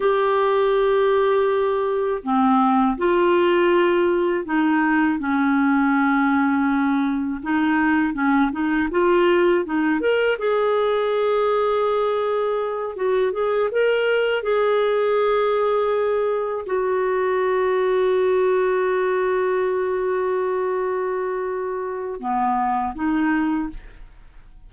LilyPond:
\new Staff \with { instrumentName = "clarinet" } { \time 4/4 \tempo 4 = 81 g'2. c'4 | f'2 dis'4 cis'4~ | cis'2 dis'4 cis'8 dis'8 | f'4 dis'8 ais'8 gis'2~ |
gis'4. fis'8 gis'8 ais'4 gis'8~ | gis'2~ gis'8 fis'4.~ | fis'1~ | fis'2 b4 dis'4 | }